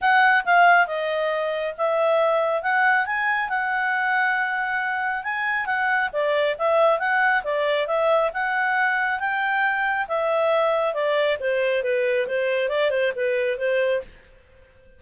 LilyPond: \new Staff \with { instrumentName = "clarinet" } { \time 4/4 \tempo 4 = 137 fis''4 f''4 dis''2 | e''2 fis''4 gis''4 | fis''1 | gis''4 fis''4 d''4 e''4 |
fis''4 d''4 e''4 fis''4~ | fis''4 g''2 e''4~ | e''4 d''4 c''4 b'4 | c''4 d''8 c''8 b'4 c''4 | }